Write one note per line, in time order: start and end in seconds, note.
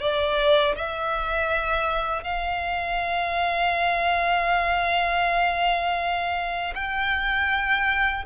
0.00 0.75 D5
0.75 2.23 E5
2.23 6.73 F5
6.75 8.25 G5